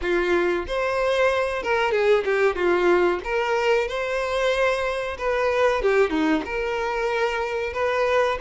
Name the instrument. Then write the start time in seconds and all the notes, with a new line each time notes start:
violin
0.01 F4
0.67 C5
1.62 A#4
1.91 G#4
2.24 G4
2.55 F4
3.24 A#4
3.88 C5
5.18 B4
5.82 G4
6.10 D#4
6.45 A#4
7.73 B4